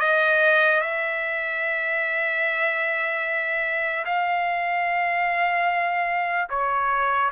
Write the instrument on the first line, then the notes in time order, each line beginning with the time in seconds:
trumpet
0.00 D#5
0.81 E5
4.05 F5
6.50 C#5